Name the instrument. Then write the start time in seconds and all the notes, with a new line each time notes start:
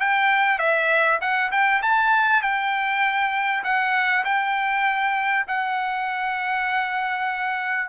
trumpet
0.00 G5
0.59 E5
1.21 F#5
1.52 G5
1.82 A5
2.42 G5
3.64 F#5
4.25 G5
5.47 F#5